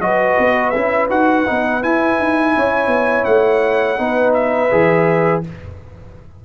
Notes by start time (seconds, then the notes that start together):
0.00 F#3 F#4 B4 D#5
0.39 B3
0.70 C#4 E4 E5
1.10 D#4 F#4 F#5
1.46 B3 D#4
1.82 E4 G#5
2.20 D#4
2.56 C#4 C#5
2.87 B3
3.25 A3 F#5
3.98 B3 D#4 B4
4.34 E5
4.71 E3 G#4